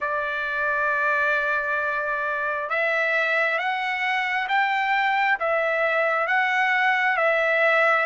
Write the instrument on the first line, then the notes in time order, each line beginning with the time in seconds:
trumpet
0.00 D5
2.69 E5
3.58 F#5
4.48 G5
5.39 E5
6.27 F#5
7.16 E5